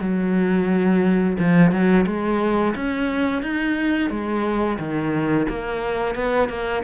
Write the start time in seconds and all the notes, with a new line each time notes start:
0.00 F#3
1.39 F3
1.71 F#3
2.06 G#3
2.75 C#4
3.42 D#4
4.10 G#3
4.79 D#3
5.49 A#3
6.15 B3
6.49 A#3